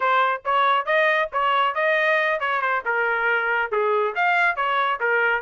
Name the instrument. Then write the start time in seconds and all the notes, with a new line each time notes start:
trumpet
0.00 C5
0.44 C#5
0.85 D#5
1.32 C#5
1.74 D#5
2.40 C#5
2.61 C5
2.85 A#4
3.71 G#4
4.15 F5
4.56 C#5
5.00 A#4